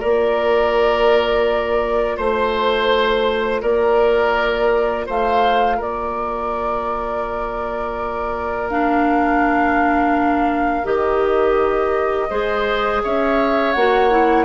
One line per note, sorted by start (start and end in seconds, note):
0.00 2.18 A#3
0.00 8.69 F4
0.00 2.17 A#4
0.00 2.17 D5
2.17 3.63 A3
2.17 3.62 C5
3.62 5.08 A#3
3.62 5.07 A#4
3.62 5.07 D5
5.07 5.81 A3
5.07 5.77 C5
5.07 5.82 F5
5.77 10.85 A#3
5.77 12.28 A#4
5.77 8.70 D5
8.70 10.85 D4
8.70 10.86 F5
10.85 12.30 D#3
10.85 12.29 G4
10.85 13.03 D#5
12.30 13.03 G#3
12.30 13.75 G#4
12.30 13.03 C5
13.04 13.76 C#4
13.04 14.46 C#5
13.04 13.73 E5
13.73 14.46 A#3
13.73 14.11 F#4
13.73 14.45 F#5
14.11 14.46 E4